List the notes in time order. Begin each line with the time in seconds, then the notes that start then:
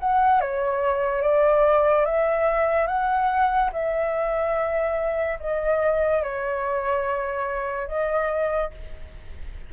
0.00 F#5
0.41 C#5
1.22 D5
2.06 E5
2.87 F#5
3.73 E5
5.40 D#5
6.23 C#5
7.87 D#5